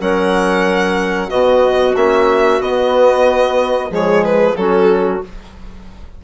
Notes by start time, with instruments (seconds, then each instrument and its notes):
0.00 bassoon F#3, trombone C#4, clarinet A#4, violin F#5
1.29 bassoon B2, trombone B3, clarinet F#4, violin D#5
1.95 bassoon A#3, trombone C#4, violin E5
2.60 bassoon B3, trombone B3, violin D#5
3.90 bassoon F3, trombone G#3, clarinet G#4, violin C#5
4.25 violin B4
4.56 bassoon F#3, trombone C#4, clarinet F#4, violin A4